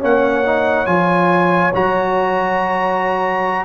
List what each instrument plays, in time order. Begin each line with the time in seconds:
0.00 tuba A#3, trombone C#4, horn C#5, trumpet F#5
0.46 trombone D#4
0.86 tuba F3, trombone F4, trumpet G#5
1.74 tuba F#3, trombone F#4, trumpet A#5